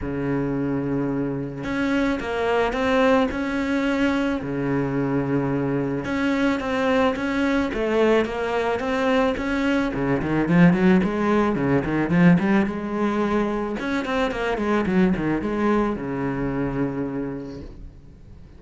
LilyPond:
\new Staff \with { instrumentName = "cello" } { \time 4/4 \tempo 4 = 109 cis2. cis'4 | ais4 c'4 cis'2 | cis2. cis'4 | c'4 cis'4 a4 ais4 |
c'4 cis'4 cis8 dis8 f8 fis8 | gis4 cis8 dis8 f8 g8 gis4~ | gis4 cis'8 c'8 ais8 gis8 fis8 dis8 | gis4 cis2. | }